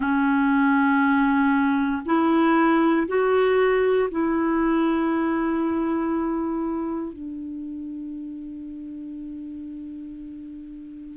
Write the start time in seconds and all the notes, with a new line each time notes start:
0.00 C#4
2.05 E4
3.07 F#4
4.10 E4
7.12 D4